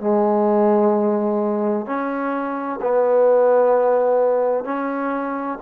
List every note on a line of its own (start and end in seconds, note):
0.00 1.86 G#3
1.86 2.80 C#4
2.82 4.65 B3
4.65 5.59 C#4